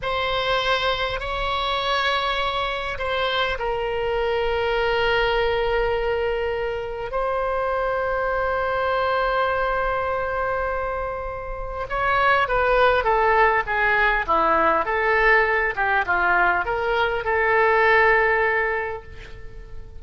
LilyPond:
\new Staff \with { instrumentName = "oboe" } { \time 4/4 \tempo 4 = 101 c''2 cis''2~ | cis''4 c''4 ais'2~ | ais'1 | c''1~ |
c''1 | cis''4 b'4 a'4 gis'4 | e'4 a'4. g'8 f'4 | ais'4 a'2. | }